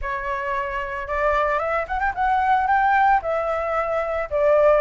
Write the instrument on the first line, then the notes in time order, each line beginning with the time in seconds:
flute
0.01 C#5
1.07 D5
1.58 E5
1.87 F#5
1.99 G5
2.15 F#5
2.67 G5
3.22 E5
4.30 D5